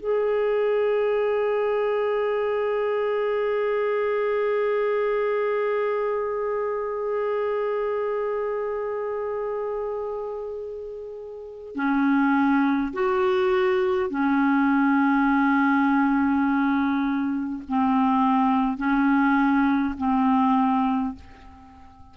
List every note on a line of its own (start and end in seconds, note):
0.00 11.76 G#4
11.76 12.94 C#4
12.94 14.11 F#4
14.11 17.64 C#4
17.69 18.78 C4
18.78 19.95 C#4
19.98 21.16 C4